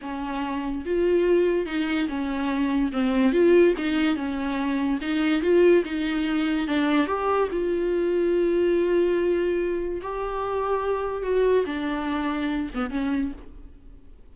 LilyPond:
\new Staff \with { instrumentName = "viola" } { \time 4/4 \tempo 4 = 144 cis'2 f'2 | dis'4 cis'2 c'4 | f'4 dis'4 cis'2 | dis'4 f'4 dis'2 |
d'4 g'4 f'2~ | f'1 | g'2. fis'4 | d'2~ d'8 b8 cis'4 | }